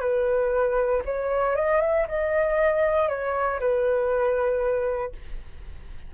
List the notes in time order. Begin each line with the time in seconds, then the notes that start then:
0.00 B4
1.04 C#5
1.55 D#5
1.81 E5
2.07 D#5
3.08 C#5
3.59 B4